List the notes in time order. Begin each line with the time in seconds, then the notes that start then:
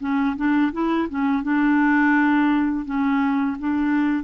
0.00 C#4
0.36 D4
0.72 E4
1.09 C#4
1.43 D4
2.85 C#4
3.59 D4